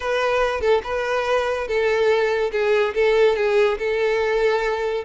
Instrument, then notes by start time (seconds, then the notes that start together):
violin
0.00 B4
0.60 A4
0.83 B4
1.67 A4
2.52 G#4
2.94 A4
3.36 G#4
3.78 A4